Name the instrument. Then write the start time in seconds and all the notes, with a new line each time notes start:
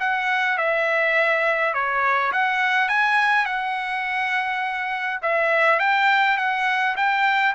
trumpet
0.00 F#5
0.58 E5
1.74 C#5
2.32 F#5
2.89 G#5
3.46 F#5
5.23 E5
5.79 G5
6.38 F#5
6.97 G5